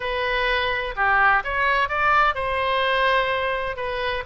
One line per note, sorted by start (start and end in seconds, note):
0.00 0.94 B4
0.96 1.43 G4
1.43 1.89 C#5
1.89 2.35 D5
2.35 3.76 C5
3.76 4.23 B4